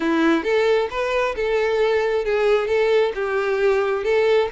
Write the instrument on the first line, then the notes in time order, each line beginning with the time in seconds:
violin
0.00 E4
0.43 A4
0.90 B4
1.35 A4
2.24 G#4
2.67 A4
3.14 G4
4.04 A4